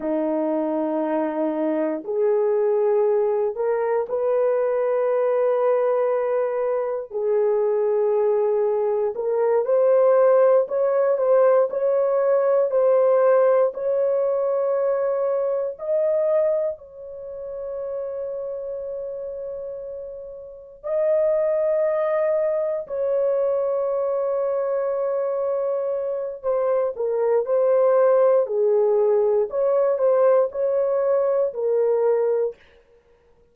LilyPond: \new Staff \with { instrumentName = "horn" } { \time 4/4 \tempo 4 = 59 dis'2 gis'4. ais'8 | b'2. gis'4~ | gis'4 ais'8 c''4 cis''8 c''8 cis''8~ | cis''8 c''4 cis''2 dis''8~ |
dis''8 cis''2.~ cis''8~ | cis''8 dis''2 cis''4.~ | cis''2 c''8 ais'8 c''4 | gis'4 cis''8 c''8 cis''4 ais'4 | }